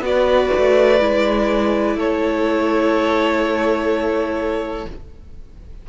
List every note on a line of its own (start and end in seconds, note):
0.00 0.48 B3
0.00 0.99 F#4
0.00 1.96 B4
0.00 1.99 D5
0.57 1.01 A3
1.00 1.96 G#3
1.00 4.87 E4
1.96 4.86 A3
1.96 4.87 A4
1.96 4.90 C#5